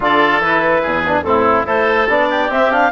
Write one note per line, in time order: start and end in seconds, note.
0.00 0.39 D3
0.00 0.41 F4
0.00 0.82 A4
0.00 0.42 D5
0.39 0.81 E3
0.39 1.03 E4
0.39 1.23 B4
0.82 1.23 E2
0.82 1.23 G#4
1.06 1.24 D4
1.23 1.64 A2
1.23 1.65 C4
1.23 1.66 E4
1.23 1.65 A4
1.65 2.08 A3
1.65 2.07 E4
1.65 2.29 A4
1.65 2.08 C5
2.09 2.49 B3
2.09 2.50 D4
2.09 2.51 D5
2.29 2.91 G4
2.49 2.90 C4
2.49 2.70 C4
2.49 2.71 E5
2.70 2.91 D4
2.70 2.91 F5